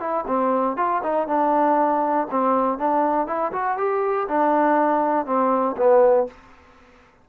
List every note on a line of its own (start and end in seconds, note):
0.00 0.25 E4
0.27 0.77 C4
0.77 1.02 F4
1.03 1.28 D#4
1.28 2.28 D4
2.31 2.78 C4
2.78 3.27 D4
3.27 3.52 E4
3.53 3.78 F#4
3.78 4.28 G4
4.29 5.26 D4
5.26 5.76 C4
5.77 6.27 B3